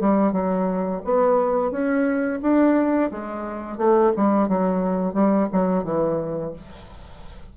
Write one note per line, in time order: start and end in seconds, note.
0.00 0.33 G3
0.33 1.02 F#3
1.04 1.71 B3
1.71 2.40 C#4
2.42 3.11 D4
3.11 3.77 G#3
3.77 4.12 A3
4.16 4.48 G3
4.48 5.13 F#3
5.13 5.48 G3
5.52 5.84 F#3
5.84 6.53 E3